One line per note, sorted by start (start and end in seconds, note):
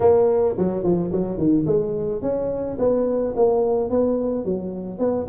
0.00 0.55 A#3
0.58 0.83 F#3
0.83 1.11 F3
1.11 1.37 F#3
1.37 1.65 D#3
1.66 2.22 G#3
2.22 2.77 C#4
2.78 3.34 B3
3.36 3.90 A#3
3.90 4.44 B3
4.44 4.98 F#3
4.98 5.26 B3